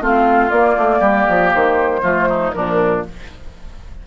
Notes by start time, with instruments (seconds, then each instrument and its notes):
0.00 bassoon A3, clarinet C4, oboe F4, flute F5
0.50 bassoon A#3, clarinet A#3, flute D5
0.77 bassoon A3
0.99 bassoon G3, oboe G4
1.29 bassoon F3
1.53 bassoon D#3, flute C5
2.02 bassoon F3, clarinet A3, oboe F4
2.29 oboe D#4
2.52 bassoon A#2, clarinet F3, oboe D4, flute A#4